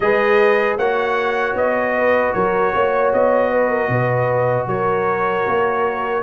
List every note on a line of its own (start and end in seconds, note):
0.00 0.78 G#3
0.00 0.79 G#4
0.00 0.78 B4
0.00 0.77 D#5
0.77 1.54 A#3
0.77 6.22 F#4
0.77 1.95 C#5
0.77 1.55 F#5
1.54 2.32 B3
1.54 2.33 D#5
1.95 2.34 B4
2.33 2.74 F#3
2.33 2.73 A#4
2.33 3.11 C#5
2.74 3.13 A#3
2.74 3.50 C#5
3.13 3.88 B3
3.13 4.67 D#5
3.50 3.69 B4
3.69 3.88 A#4
3.88 4.66 B2
3.88 4.67 B4
4.66 5.44 F#3
4.66 6.22 A#4
4.66 6.22 C#5
5.47 6.22 A#3